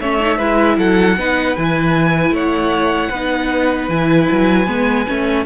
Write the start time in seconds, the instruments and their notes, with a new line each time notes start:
0.00 cello A3, viola C#4, violin C#5 E5
0.20 viola D#4
0.37 cello G#3, viola E4, violin B4
0.77 cello F#3, violin A4 F#5
1.17 cello B3, viola D#4, violin B4
1.56 cello E3, viola E4, violin G#5
2.30 cello A3, violin C#5 F#5
3.09 cello B3, viola D#4, violin B4
3.88 cello E3, viola E4, violin G#5
4.31 cello F#3
4.67 cello G#3, viola B3
5.07 cello A3, viola C#4